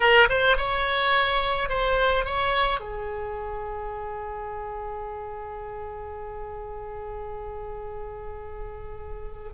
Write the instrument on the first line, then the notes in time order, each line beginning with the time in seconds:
oboe
0.00 A#4
0.29 C5
0.57 C#5
1.69 C5
2.25 C#5
2.80 G#4